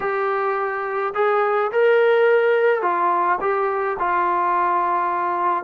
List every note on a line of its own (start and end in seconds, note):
0.00 1.13 G4
1.14 1.71 G#4
1.71 2.81 A#4
2.81 3.38 F4
3.40 3.97 G4
3.99 5.63 F4